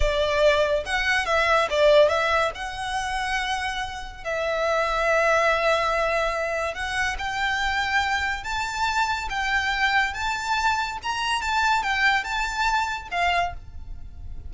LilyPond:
\new Staff \with { instrumentName = "violin" } { \time 4/4 \tempo 4 = 142 d''2 fis''4 e''4 | d''4 e''4 fis''2~ | fis''2 e''2~ | e''1 |
fis''4 g''2. | a''2 g''2 | a''2 ais''4 a''4 | g''4 a''2 f''4 | }